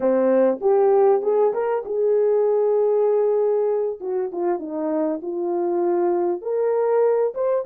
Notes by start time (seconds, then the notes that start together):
0.00 C4
0.60 G4
1.22 G#4
1.53 A#4
1.85 G#4
4.00 F#4
4.32 F4
4.59 D#4
5.22 F4
6.41 A#4
7.34 C5